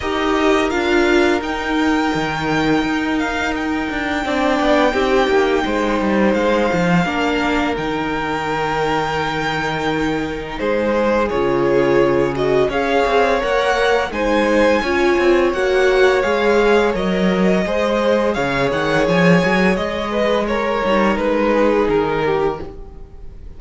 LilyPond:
<<
  \new Staff \with { instrumentName = "violin" } { \time 4/4 \tempo 4 = 85 dis''4 f''4 g''2~ | g''8 f''8 g''2.~ | g''4 f''2 g''4~ | g''2. c''4 |
cis''4. dis''8 f''4 fis''4 | gis''2 fis''4 f''4 | dis''2 f''8 fis''8 gis''4 | dis''4 cis''4 b'4 ais'4 | }
  \new Staff \with { instrumentName = "violin" } { \time 4/4 ais'1~ | ais'2 d''4 g'4 | c''2 ais'2~ | ais'2. gis'4~ |
gis'2 cis''2 | c''4 cis''2.~ | cis''4 c''4 cis''2~ | cis''8 b'8 ais'4. gis'4 g'8 | }
  \new Staff \with { instrumentName = "viola" } { \time 4/4 g'4 f'4 dis'2~ | dis'2 d'4 dis'4~ | dis'2 d'4 dis'4~ | dis'1 |
f'4. fis'8 gis'4 ais'4 | dis'4 f'4 fis'4 gis'4 | ais'4 gis'2.~ | gis'4 ais'8 dis'2~ dis'8 | }
  \new Staff \with { instrumentName = "cello" } { \time 4/4 dis'4 d'4 dis'4 dis4 | dis'4. d'8 c'8 b8 c'8 ais8 | gis8 g8 gis8 f8 ais4 dis4~ | dis2. gis4 |
cis2 cis'8 c'8 ais4 | gis4 cis'8 c'8 ais4 gis4 | fis4 gis4 cis8 dis8 f8 fis8 | gis4. g8 gis4 dis4 | }
>>